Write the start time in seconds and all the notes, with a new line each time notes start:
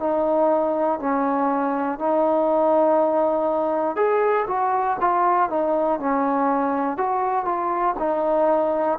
0.00 D#4
1.00 C#4
1.99 D#4
3.96 G#4
4.48 F#4
5.00 F4
5.50 D#4
6.00 C#4
6.97 F#4
7.45 F4
7.99 D#4